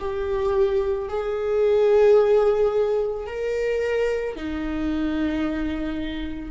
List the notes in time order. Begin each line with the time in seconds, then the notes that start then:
0.00 G4
1.09 G#4
3.27 A#4
4.36 D#4